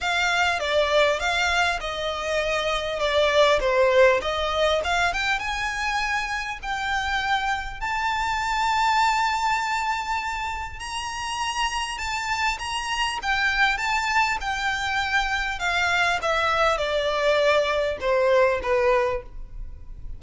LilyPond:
\new Staff \with { instrumentName = "violin" } { \time 4/4 \tempo 4 = 100 f''4 d''4 f''4 dis''4~ | dis''4 d''4 c''4 dis''4 | f''8 g''8 gis''2 g''4~ | g''4 a''2.~ |
a''2 ais''2 | a''4 ais''4 g''4 a''4 | g''2 f''4 e''4 | d''2 c''4 b'4 | }